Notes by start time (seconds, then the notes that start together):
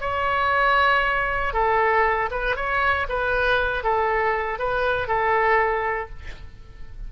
0.00 C#5
1.53 A4
2.30 B4
2.56 C#5
3.09 B4
3.83 A4
4.58 B4
5.07 A4